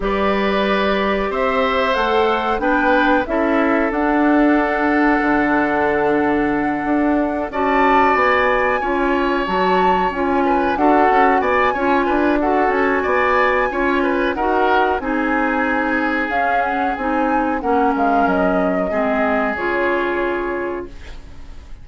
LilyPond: <<
  \new Staff \with { instrumentName = "flute" } { \time 4/4 \tempo 4 = 92 d''2 e''4 fis''4 | g''4 e''4 fis''2~ | fis''2.~ fis''8 a''8~ | a''8 gis''2 a''4 gis''8~ |
gis''8 fis''4 gis''4. fis''8 gis''8~ | gis''2 fis''4 gis''4~ | gis''4 f''8 fis''8 gis''4 fis''8 f''8 | dis''2 cis''2 | }
  \new Staff \with { instrumentName = "oboe" } { \time 4/4 b'2 c''2 | b'4 a'2.~ | a'2.~ a'8 d''8~ | d''4. cis''2~ cis''8 |
b'8 a'4 d''8 cis''8 b'8 a'4 | d''4 cis''8 b'8 ais'4 gis'4~ | gis'2. ais'4~ | ais'4 gis'2. | }
  \new Staff \with { instrumentName = "clarinet" } { \time 4/4 g'2. a'4 | d'4 e'4 d'2~ | d'2.~ d'8 fis'8~ | fis'4. f'4 fis'4 f'8~ |
f'8 fis'4. f'4 fis'4~ | fis'4 f'4 fis'4 dis'4~ | dis'4 cis'4 dis'4 cis'4~ | cis'4 c'4 f'2 | }
  \new Staff \with { instrumentName = "bassoon" } { \time 4/4 g2 c'4 a4 | b4 cis'4 d'2 | d2~ d8 d'4 cis'8~ | cis'8 b4 cis'4 fis4 cis'8~ |
cis'8 d'8 cis'8 b8 cis'8 d'4 cis'8 | b4 cis'4 dis'4 c'4~ | c'4 cis'4 c'4 ais8 gis8 | fis4 gis4 cis2 | }
>>